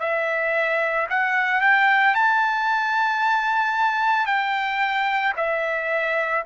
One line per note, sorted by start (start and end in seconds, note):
0.00 1.07 E5
1.10 1.61 F#5
1.61 2.15 G5
2.15 4.26 A5
4.26 5.33 G5
5.37 6.44 E5